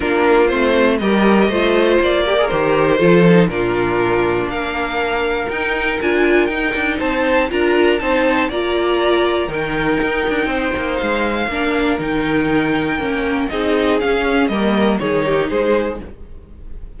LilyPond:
<<
  \new Staff \with { instrumentName = "violin" } { \time 4/4 \tempo 4 = 120 ais'4 c''4 dis''2 | d''4 c''2 ais'4~ | ais'4 f''2 g''4 | gis''4 g''4 a''4 ais''4 |
a''4 ais''2 g''4~ | g''2 f''2 | g''2. dis''4 | f''4 dis''4 cis''4 c''4 | }
  \new Staff \with { instrumentName = "violin" } { \time 4/4 f'2 ais'4 c''4~ | c''8 ais'4. a'4 f'4~ | f'4 ais'2.~ | ais'2 c''4 ais'4 |
c''4 d''2 ais'4~ | ais'4 c''2 ais'4~ | ais'2. gis'4~ | gis'4 ais'4 gis'8 g'8 gis'4 | }
  \new Staff \with { instrumentName = "viola" } { \time 4/4 d'4 c'4 g'4 f'4~ | f'8 g'16 gis'16 g'4 f'8 dis'8 d'4~ | d'2. dis'4 | f'4 dis'2 f'4 |
dis'4 f'2 dis'4~ | dis'2. d'4 | dis'2 cis'4 dis'4 | cis'4 ais4 dis'2 | }
  \new Staff \with { instrumentName = "cello" } { \time 4/4 ais4 a4 g4 a4 | ais4 dis4 f4 ais,4~ | ais,4 ais2 dis'4 | d'4 dis'8 d'8 c'4 d'4 |
c'4 ais2 dis4 | dis'8 d'8 c'8 ais8 gis4 ais4 | dis2 ais4 c'4 | cis'4 g4 dis4 gis4 | }
>>